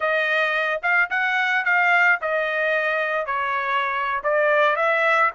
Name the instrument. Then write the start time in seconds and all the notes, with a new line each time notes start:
trumpet
0.00 D#5
0.82 F5
1.10 F#5
1.64 F5
2.21 D#5
3.26 C#5
4.23 D5
4.76 E5